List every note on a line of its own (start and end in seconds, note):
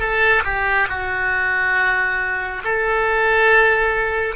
0.00 0.43 A4
0.45 0.88 G4
0.89 2.63 F#4
2.64 4.36 A4